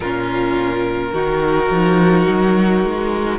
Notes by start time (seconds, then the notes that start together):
0.00 A#2 C#4 F4 A#4
1.12 D#3 D#4 F#4
1.70 F3
2.27 F#3
2.84 G#3